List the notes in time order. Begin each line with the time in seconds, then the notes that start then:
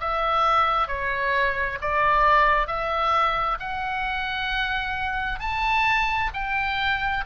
0.00 E5
0.88 C#5
1.81 D5
2.67 E5
3.60 F#5
5.40 A5
6.33 G5